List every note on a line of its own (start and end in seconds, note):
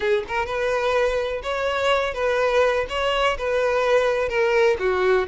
0.00 0.24 G#4
0.27 0.45 A#4
0.45 1.41 B4
1.42 2.14 C#5
2.14 2.86 B4
2.89 3.37 C#5
3.38 4.28 B4
4.28 4.76 A#4
4.79 5.27 F#4